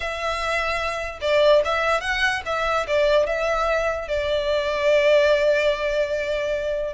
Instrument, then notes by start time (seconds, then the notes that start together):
violin
0.00 E5
1.21 D5
1.65 E5
2.01 F#5
2.45 E5
2.87 D5
3.26 E5
4.08 D5